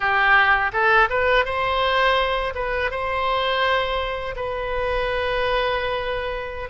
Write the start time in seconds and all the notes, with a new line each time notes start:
0.00 G4
0.72 A4
1.09 B4
1.45 C5
2.55 B4
2.90 C5
4.35 B4